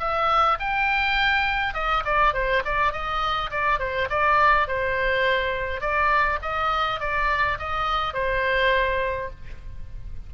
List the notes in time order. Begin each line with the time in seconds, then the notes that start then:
0.00 E5
0.60 G5
1.74 D#5
2.05 D5
2.34 C5
2.65 D5
2.93 D#5
3.51 D5
3.80 C5
4.10 D5
4.68 C5
5.81 D5
6.43 D#5
7.00 D5
7.59 D#5
8.14 C5